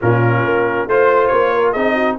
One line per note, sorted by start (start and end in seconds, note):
0.01 0.43 A#2
0.01 0.89 C#4
0.01 0.89 F4
0.01 0.88 A#4
0.43 0.87 A#3
0.87 1.30 A3
0.87 1.76 F4
0.87 1.27 C5
0.87 1.54 C5
1.27 1.75 A#3
1.27 1.71 C#5
1.54 1.71 A#4
1.71 2.18 C4
1.71 2.18 D#4
1.71 1.93 G#4
1.71 2.16 D#5
1.94 2.16 F#4